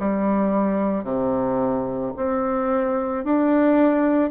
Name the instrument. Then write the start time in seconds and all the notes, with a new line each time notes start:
bassoon
0.00 G3
1.04 C3
2.17 C4
3.25 D4